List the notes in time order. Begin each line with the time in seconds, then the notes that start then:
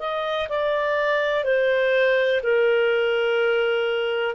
0.00 D#5
0.49 D5
1.44 C5
2.43 A#4